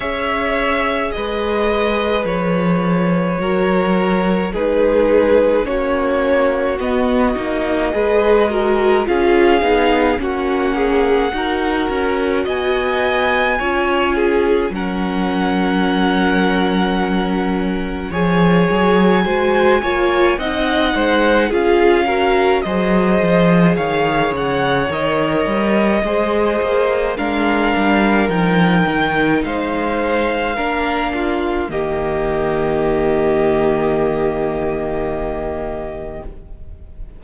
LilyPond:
<<
  \new Staff \with { instrumentName = "violin" } { \time 4/4 \tempo 4 = 53 e''4 dis''4 cis''2 | b'4 cis''4 dis''2 | f''4 fis''2 gis''4~ | gis''4 fis''2. |
gis''2 fis''4 f''4 | dis''4 f''8 fis''8 dis''2 | f''4 g''4 f''2 | dis''1 | }
  \new Staff \with { instrumentName = "violin" } { \time 4/4 cis''4 b'2 ais'4 | gis'4 fis'2 b'8 ais'8 | gis'4 fis'8 gis'8 ais'4 dis''4 | cis''8 gis'8 ais'2. |
cis''4 c''8 cis''8 dis''8 c''8 gis'8 ais'8 | c''4 cis''2 c''4 | ais'2 c''4 ais'8 f'8 | g'1 | }
  \new Staff \with { instrumentName = "viola" } { \time 4/4 gis'2. fis'4 | dis'4 cis'4 b8 dis'8 gis'8 fis'8 | f'8 dis'8 cis'4 fis'2 | f'4 cis'2. |
gis'4 fis'8 f'8 dis'4 f'8 fis'8 | gis'2 ais'4 gis'4 | d'4 dis'2 d'4 | ais1 | }
  \new Staff \with { instrumentName = "cello" } { \time 4/4 cis'4 gis4 f4 fis4 | gis4 ais4 b8 ais8 gis4 | cis'8 b8 ais4 dis'8 cis'8 b4 | cis'4 fis2. |
f8 fis8 gis8 ais8 c'8 gis8 cis'4 | fis8 f8 dis8 cis8 dis8 g8 gis8 ais8 | gis8 g8 f8 dis8 gis4 ais4 | dis1 | }
>>